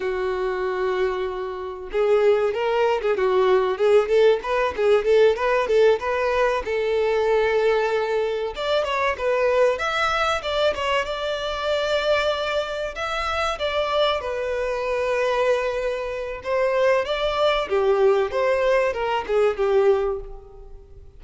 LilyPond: \new Staff \with { instrumentName = "violin" } { \time 4/4 \tempo 4 = 95 fis'2. gis'4 | ais'8. gis'16 fis'4 gis'8 a'8 b'8 gis'8 | a'8 b'8 a'8 b'4 a'4.~ | a'4. d''8 cis''8 b'4 e''8~ |
e''8 d''8 cis''8 d''2~ d''8~ | d''8 e''4 d''4 b'4.~ | b'2 c''4 d''4 | g'4 c''4 ais'8 gis'8 g'4 | }